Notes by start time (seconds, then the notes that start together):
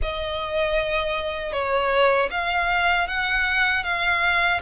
0.02 D#5
1.52 C#5
2.30 F5
3.07 F#5
3.83 F5